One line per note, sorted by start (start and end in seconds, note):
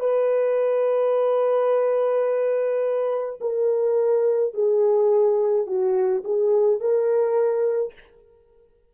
0.00 3.40 B4
3.41 4.54 A#4
4.54 5.67 G#4
5.67 6.24 F#4
6.25 6.81 G#4
6.81 7.94 A#4